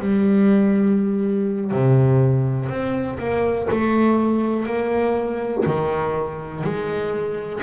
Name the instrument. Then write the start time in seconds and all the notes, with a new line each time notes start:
double bass
0.00 G3
1.72 C3
2.70 C4
3.19 A#3
3.71 A3
4.66 A#3
5.66 D#3
6.64 G#3